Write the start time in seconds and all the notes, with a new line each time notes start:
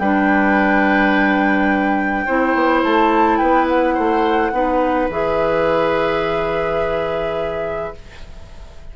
0.00 G3 D4 B4 G5
2.26 C4 E4 C5
2.55 B3
2.83 A3 A5
3.38 B3 B4 G5
3.69 F#5
3.95 A3 C5
4.53 B3 D#4 B4
5.10 E3 G#4 E5